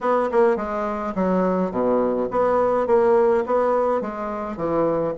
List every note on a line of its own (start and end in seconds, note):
0.01 0.29 B3
0.31 0.56 A#3
0.56 1.13 G#3
1.15 1.71 F#3
1.71 2.28 B2
2.30 2.86 B3
2.86 3.44 A#3
3.46 4.01 B3
4.01 4.56 G#3
4.56 5.14 E3